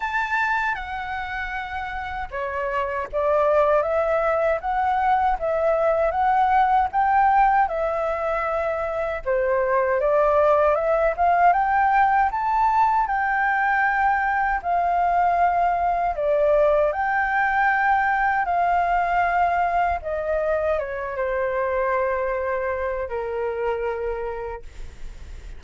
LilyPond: \new Staff \with { instrumentName = "flute" } { \time 4/4 \tempo 4 = 78 a''4 fis''2 cis''4 | d''4 e''4 fis''4 e''4 | fis''4 g''4 e''2 | c''4 d''4 e''8 f''8 g''4 |
a''4 g''2 f''4~ | f''4 d''4 g''2 | f''2 dis''4 cis''8 c''8~ | c''2 ais'2 | }